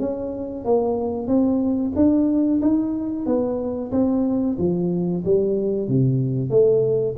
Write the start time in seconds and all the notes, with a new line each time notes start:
0.00 C#4
0.65 A#3
1.27 C4
1.96 D4
2.62 D#4
3.26 B3
3.92 C4
4.59 F3
5.25 G3
5.88 C3
6.50 A3